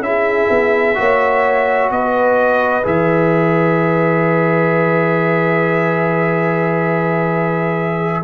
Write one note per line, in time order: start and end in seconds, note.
0.00 0.47 C#4
0.00 0.95 E4
0.00 1.91 E5
0.06 0.99 G#4
0.50 0.96 B3
0.95 1.90 A#3
0.95 2.83 F#4
0.95 1.93 C#5
1.90 2.84 B3
1.90 8.24 B4
1.90 2.86 D#5
2.84 8.24 E3
2.84 8.23 G#4
2.84 8.24 E5